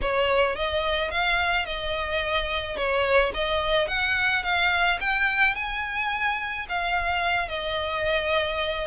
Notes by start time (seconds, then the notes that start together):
0.01 C#5
0.55 D#5
1.10 F5
1.65 D#5
2.77 C#5
3.33 D#5
3.87 F#5
4.43 F5
5.00 G5
5.55 G#5
6.68 F5
7.48 D#5